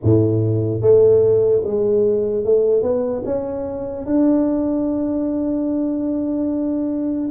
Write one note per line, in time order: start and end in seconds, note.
0.03 0.81 A2
0.81 1.62 A3
1.64 2.44 G#3
2.44 2.82 A3
2.82 3.22 B3
3.25 4.05 C#4
4.05 7.29 D4